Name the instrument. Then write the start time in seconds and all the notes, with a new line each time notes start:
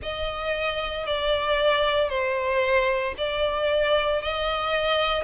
violin
0.02 D#5
1.06 D5
2.09 C5
3.17 D5
4.22 D#5